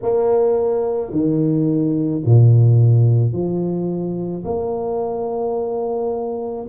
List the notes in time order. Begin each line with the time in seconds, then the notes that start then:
0.02 A#3
1.11 D#3
2.25 A#2
3.32 F3
4.44 A#3